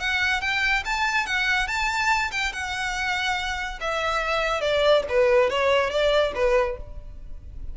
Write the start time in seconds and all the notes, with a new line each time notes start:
0.00 F#5
0.41 G5
0.85 A5
1.27 F#5
1.68 A5
2.32 G5
2.53 F#5
3.81 E5
4.61 D5
5.09 B4
5.50 C#5
5.90 D5
6.35 B4